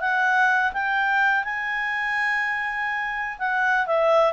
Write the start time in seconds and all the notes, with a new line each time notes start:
0.00 F#5
0.73 G5
1.44 G#5
3.38 F#5
3.86 E5